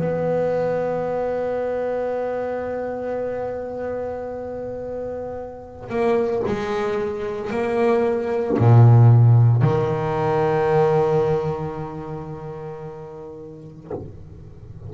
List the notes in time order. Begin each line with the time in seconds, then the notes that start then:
0.00 B3
5.90 A#3
6.47 G#3
7.50 A#3
8.59 A#2
9.62 D#3